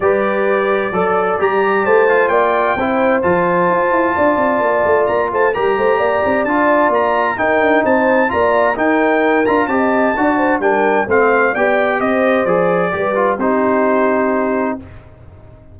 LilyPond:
<<
  \new Staff \with { instrumentName = "trumpet" } { \time 4/4 \tempo 4 = 130 d''2. ais''4 | a''4 g''2 a''4~ | a''2. ais''8 a''8 | ais''2 a''4 ais''4 |
g''4 a''4 ais''4 g''4~ | g''8 ais''8 a''2 g''4 | f''4 g''4 dis''4 d''4~ | d''4 c''2. | }
  \new Staff \with { instrumentName = "horn" } { \time 4/4 b'2 d''2 | c''4 d''4 c''2~ | c''4 d''2~ d''8 c''8 | ais'8 c''8 d''2. |
ais'4 c''4 d''4 ais'4~ | ais'4 dis''4 d''8 c''8 ais'4 | c''4 d''4 c''2 | b'4 g'2. | }
  \new Staff \with { instrumentName = "trombone" } { \time 4/4 g'2 a'4 g'4~ | g'8 f'4. e'4 f'4~ | f'1 | g'2 f'2 |
dis'2 f'4 dis'4~ | dis'8 f'8 g'4 fis'4 d'4 | c'4 g'2 gis'4 | g'8 f'8 dis'2. | }
  \new Staff \with { instrumentName = "tuba" } { \time 4/4 g2 fis4 g4 | a4 ais4 c'4 f4 | f'8 e'8 d'8 c'8 ais8 a8 ais8 a8 | g8 a8 ais8 c'8 d'4 ais4 |
dis'8 d'8 c'4 ais4 dis'4~ | dis'8 d'8 c'4 d'4 g4 | a4 b4 c'4 f4 | g4 c'2. | }
>>